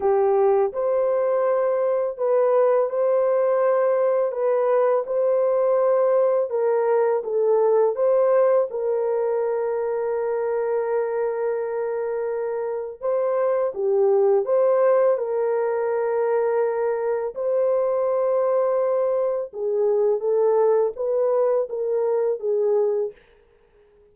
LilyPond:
\new Staff \with { instrumentName = "horn" } { \time 4/4 \tempo 4 = 83 g'4 c''2 b'4 | c''2 b'4 c''4~ | c''4 ais'4 a'4 c''4 | ais'1~ |
ais'2 c''4 g'4 | c''4 ais'2. | c''2. gis'4 | a'4 b'4 ais'4 gis'4 | }